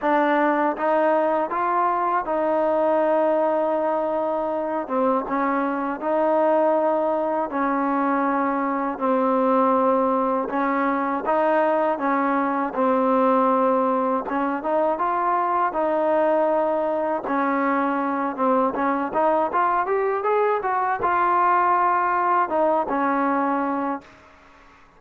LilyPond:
\new Staff \with { instrumentName = "trombone" } { \time 4/4 \tempo 4 = 80 d'4 dis'4 f'4 dis'4~ | dis'2~ dis'8 c'8 cis'4 | dis'2 cis'2 | c'2 cis'4 dis'4 |
cis'4 c'2 cis'8 dis'8 | f'4 dis'2 cis'4~ | cis'8 c'8 cis'8 dis'8 f'8 g'8 gis'8 fis'8 | f'2 dis'8 cis'4. | }